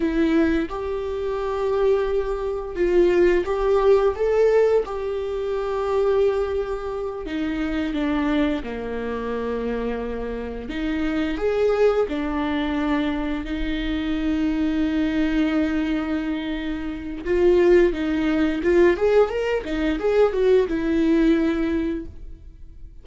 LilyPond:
\new Staff \with { instrumentName = "viola" } { \time 4/4 \tempo 4 = 87 e'4 g'2. | f'4 g'4 a'4 g'4~ | g'2~ g'8 dis'4 d'8~ | d'8 ais2. dis'8~ |
dis'8 gis'4 d'2 dis'8~ | dis'1~ | dis'4 f'4 dis'4 f'8 gis'8 | ais'8 dis'8 gis'8 fis'8 e'2 | }